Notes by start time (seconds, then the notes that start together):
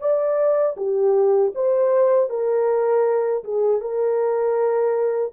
0.00 D5
0.77 G4
1.55 C5
2.30 A#4
3.44 G#4
3.81 A#4